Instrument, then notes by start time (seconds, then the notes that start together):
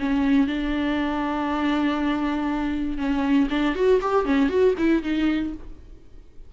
viola
0.00 C#4
0.47 D4
2.98 C#4
3.51 D4
3.76 F#4
4.02 G4
4.26 C#4
4.50 F#4
4.79 E4
5.03 D#4